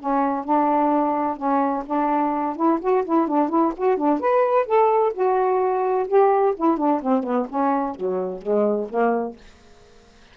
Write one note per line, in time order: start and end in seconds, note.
0.00 0.45 C#4
0.45 1.37 D4
1.37 1.84 C#4
1.86 2.56 D4
2.56 2.80 E4
2.82 3.05 F#4
3.05 3.28 E4
3.28 3.50 D4
3.50 3.73 E4
3.77 3.98 F#4
3.98 4.20 D4
4.20 4.67 B4
4.67 5.13 A4
5.14 6.08 F#4
6.08 6.55 G4
6.57 6.78 E4
6.78 7.02 D4
7.02 7.24 C4
7.24 7.47 B3
7.50 7.96 C#4
7.96 8.42 F#3
8.42 8.89 G#3
8.90 9.37 A#3